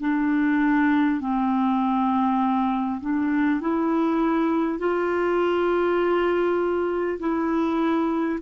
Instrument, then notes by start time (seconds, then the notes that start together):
clarinet
0.00 D4
1.20 C4
3.01 D4
3.60 E4
4.78 F4
7.19 E4